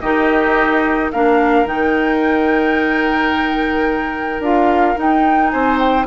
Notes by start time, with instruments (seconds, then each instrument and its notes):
0.00 bassoon D#3, clarinet D#4, oboe G4, flute D#5
1.12 bassoon A#3, clarinet D4, oboe A#4, flute F5
1.65 bassoon D#3, clarinet D#4, flute G5
4.39 bassoon D4, clarinet F4, flute F5
4.96 clarinet D#4, bassoon D#4, flute G5
5.49 bassoon C4, oboe C5, flute G#5
5.79 flute G5